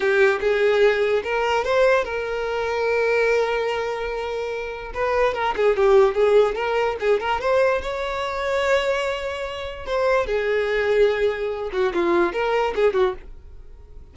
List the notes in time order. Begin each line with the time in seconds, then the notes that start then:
0.00 G4
0.40 G#4
1.23 A#4
1.64 C5
2.04 A#4
4.94 B4
5.34 A#4
5.56 G#4
5.76 G4
6.14 G#4
6.55 A#4
7.00 G#4
7.20 A#4
7.40 C5
7.81 C#5
9.86 C5
10.26 G#4
11.72 F#4
11.94 F4
12.33 A#4
12.75 G#4
12.93 F#4